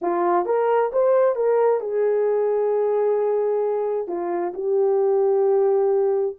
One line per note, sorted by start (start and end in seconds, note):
0.01 0.45 F4
0.45 0.91 A#4
0.92 1.35 C5
1.35 1.80 A#4
1.80 4.07 G#4
4.07 4.52 F4
4.54 6.36 G4